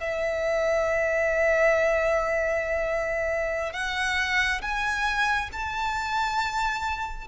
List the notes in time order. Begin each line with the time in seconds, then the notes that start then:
0.00 E5
3.73 F#5
4.62 G#5
5.53 A5